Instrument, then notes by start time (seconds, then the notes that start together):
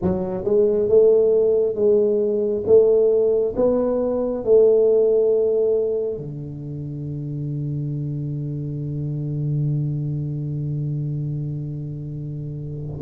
tuba
0.02 F#3
0.44 G#3
0.88 A3
1.74 G#3
2.66 A3
3.56 B3
4.44 A3
6.17 D3